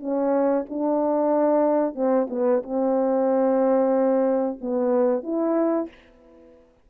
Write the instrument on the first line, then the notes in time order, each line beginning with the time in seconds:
horn
0.00 C#4
0.70 D4
1.95 C4
2.30 B3
2.63 C4
4.61 B3
5.23 E4